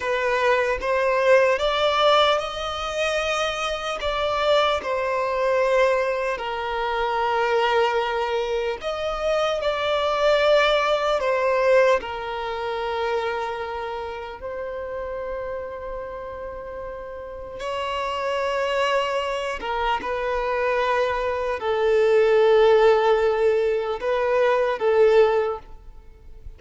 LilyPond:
\new Staff \with { instrumentName = "violin" } { \time 4/4 \tempo 4 = 75 b'4 c''4 d''4 dis''4~ | dis''4 d''4 c''2 | ais'2. dis''4 | d''2 c''4 ais'4~ |
ais'2 c''2~ | c''2 cis''2~ | cis''8 ais'8 b'2 a'4~ | a'2 b'4 a'4 | }